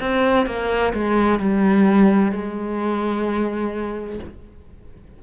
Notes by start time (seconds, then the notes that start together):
0.00 C4
0.46 A#3
0.94 G#3
1.40 G3
2.32 G#3